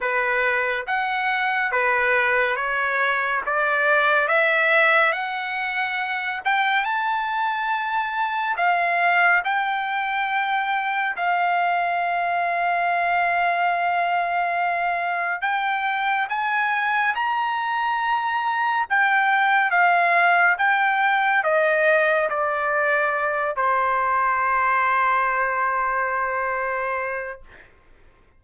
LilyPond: \new Staff \with { instrumentName = "trumpet" } { \time 4/4 \tempo 4 = 70 b'4 fis''4 b'4 cis''4 | d''4 e''4 fis''4. g''8 | a''2 f''4 g''4~ | g''4 f''2.~ |
f''2 g''4 gis''4 | ais''2 g''4 f''4 | g''4 dis''4 d''4. c''8~ | c''1 | }